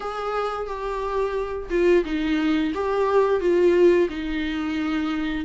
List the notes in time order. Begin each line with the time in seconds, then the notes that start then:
0.00 G#4
0.67 G4
1.70 F4
2.05 D#4
2.74 G4
3.40 F4
4.09 D#4